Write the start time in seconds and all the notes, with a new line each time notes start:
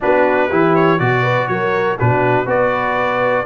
0.00 B3 D4 F#4 B4
0.49 E3 E4 G4
0.75 C#5
0.98 B2 F#4 D5
1.22 B4
1.47 F#3 A#4 C#5
1.98 B2 D4 F#4 B4
2.45 B3 F#4 B4 D5